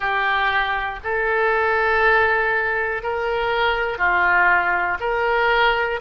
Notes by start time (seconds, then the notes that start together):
0.00 G4
1.03 A4
3.02 A#4
3.98 F4
5.00 A#4